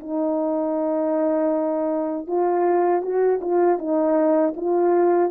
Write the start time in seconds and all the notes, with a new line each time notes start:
0.00 D#4
2.28 F4
3.02 F#4
3.42 F4
3.78 D#4
4.57 F4